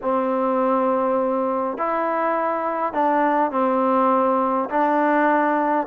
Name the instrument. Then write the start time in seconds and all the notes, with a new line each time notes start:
trombone
0.02 C4
1.77 E4
2.93 D4
3.51 C4
4.69 D4